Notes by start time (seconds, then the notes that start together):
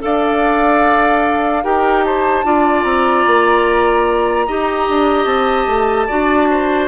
0.00 D4 A4 D5 F5
1.64 D#4 G4 A#4 G5
2.04 C5 A5
2.44 D4 F4 D5
2.84 C4 A#5
3.27 A#3
4.47 D#4 G4 D#5
4.89 D4
5.25 C4 A5
5.67 A3
6.07 D4 F#4 D5
6.51 C5